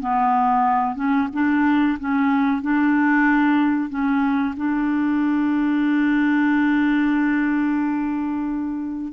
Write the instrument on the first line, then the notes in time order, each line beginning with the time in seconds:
clarinet
0.00 B3
0.95 C#4
1.33 D4
1.99 C#4
2.62 D4
3.90 C#4
4.57 D4